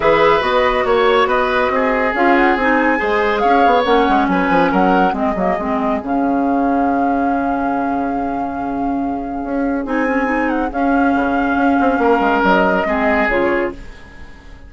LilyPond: <<
  \new Staff \with { instrumentName = "flute" } { \time 4/4 \tempo 4 = 140 e''4 dis''4 cis''4 dis''4~ | dis''4 f''8 fis''8 gis''2 | f''4 fis''4 gis''4 fis''4 | dis''2 f''2~ |
f''1~ | f''2. gis''4~ | gis''8 fis''8 f''2.~ | f''4 dis''2 cis''4 | }
  \new Staff \with { instrumentName = "oboe" } { \time 4/4 b'2 cis''4 b'4 | gis'2. c''4 | cis''2 b'4 ais'4 | gis'1~ |
gis'1~ | gis'1~ | gis'1 | ais'2 gis'2 | }
  \new Staff \with { instrumentName = "clarinet" } { \time 4/4 gis'4 fis'2.~ | fis'4 f'4 dis'4 gis'4~ | gis'4 cis'2. | c'8 ais8 c'4 cis'2~ |
cis'1~ | cis'2. dis'8 cis'8 | dis'4 cis'2.~ | cis'2 c'4 f'4 | }
  \new Staff \with { instrumentName = "bassoon" } { \time 4/4 e4 b4 ais4 b4 | c'4 cis'4 c'4 gis4 | cis'8 b8 ais8 gis8 fis8 f8 fis4 | gis8 fis8 gis4 cis2~ |
cis1~ | cis2 cis'4 c'4~ | c'4 cis'4 cis4 cis'8 c'8 | ais8 gis8 fis4 gis4 cis4 | }
>>